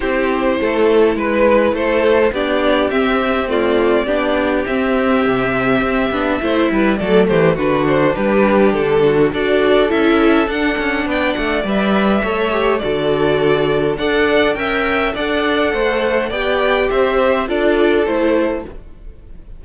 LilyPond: <<
  \new Staff \with { instrumentName = "violin" } { \time 4/4 \tempo 4 = 103 c''2 b'4 c''4 | d''4 e''4 d''2 | e''1 | d''8 c''8 b'8 c''8 b'4 a'4 |
d''4 e''4 fis''4 g''8 fis''8 | e''2 d''2 | fis''4 g''4 fis''2 | g''4 e''4 d''4 c''4 | }
  \new Staff \with { instrumentName = "violin" } { \time 4/4 g'4 a'4 b'4 a'4 | g'2 f'4 g'4~ | g'2. c''8 b'8 | a'8 g'8 fis'4 g'4. fis'8 |
a'2. d''4~ | d''4 cis''4 a'2 | d''4 e''4 d''4 c''4 | d''4 c''4 a'2 | }
  \new Staff \with { instrumentName = "viola" } { \time 4/4 e'1 | d'4 c'4 a4 d'4 | c'2~ c'8 d'8 e'4 | a4 d'2. |
fis'4 e'4 d'2 | b'4 a'8 g'8 fis'2 | a'4 ais'4 a'2 | g'2 f'4 e'4 | }
  \new Staff \with { instrumentName = "cello" } { \time 4/4 c'4 a4 gis4 a4 | b4 c'2 b4 | c'4 c4 c'8 b8 a8 g8 | fis8 e8 d4 g4 d4 |
d'4 cis'4 d'8 cis'8 b8 a8 | g4 a4 d2 | d'4 cis'4 d'4 a4 | b4 c'4 d'4 a4 | }
>>